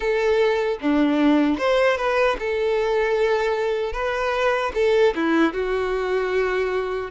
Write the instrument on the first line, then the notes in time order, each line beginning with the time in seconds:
violin
0.00 A4
0.81 D4
1.58 C5
1.97 B4
2.39 A4
3.93 B4
4.74 A4
5.15 E4
5.53 F#4